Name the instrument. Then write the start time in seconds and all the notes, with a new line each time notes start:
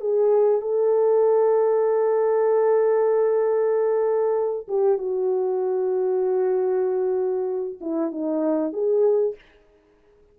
horn
0.00 G#4
0.61 A4
4.68 G4
4.97 F#4
7.80 E4
8.11 D#4
8.72 G#4